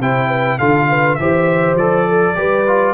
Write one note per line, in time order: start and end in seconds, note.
0.00 0.59 C3
0.00 0.60 E4
0.00 0.28 C5
0.00 0.59 G5
0.28 0.58 B4
0.58 1.19 D3
0.58 1.19 F4
0.58 0.88 A4
0.58 1.16 F5
0.89 1.19 B4
1.16 1.75 E3
1.16 1.79 G4
1.16 2.09 C5
1.16 1.75 E5
1.75 2.34 F3
1.75 2.35 A4
1.75 2.94 D5
2.09 2.38 A4
2.35 2.94 G3
2.35 2.65 G4
2.35 2.94 B4
2.67 2.94 F4